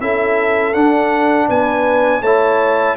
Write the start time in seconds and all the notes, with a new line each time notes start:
0.00 C#4 E4 A4 E5
0.73 D4 F#5
1.48 B3 B4 G#5
2.21 A3 E4 C#5 A5